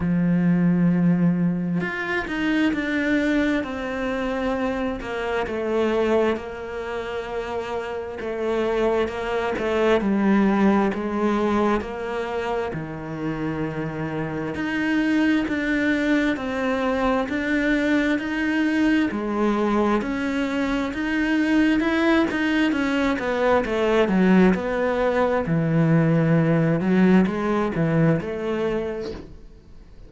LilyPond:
\new Staff \with { instrumentName = "cello" } { \time 4/4 \tempo 4 = 66 f2 f'8 dis'8 d'4 | c'4. ais8 a4 ais4~ | ais4 a4 ais8 a8 g4 | gis4 ais4 dis2 |
dis'4 d'4 c'4 d'4 | dis'4 gis4 cis'4 dis'4 | e'8 dis'8 cis'8 b8 a8 fis8 b4 | e4. fis8 gis8 e8 a4 | }